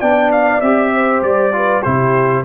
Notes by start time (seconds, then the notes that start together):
0.00 B3 D4 D5 G5
0.32 F5
0.61 C4 G4 E5
0.94 C5
1.22 G3 D5
1.52 F4 B4
1.83 C3 E4 G4 C5